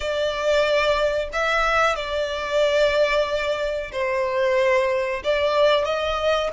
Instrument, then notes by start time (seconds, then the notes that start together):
violin
0.00 D5
1.33 E5
1.95 D5
3.92 C5
5.24 D5
5.84 D#5